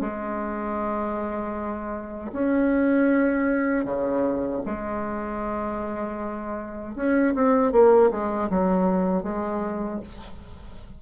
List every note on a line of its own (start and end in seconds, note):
0.00 2.31 G#3
2.33 3.85 C#4
3.85 4.61 C#3
4.65 6.95 G#3
6.95 7.34 C#4
7.35 7.72 C4
7.72 8.10 A#3
8.11 8.49 G#3
8.49 9.23 F#3
9.23 10.00 G#3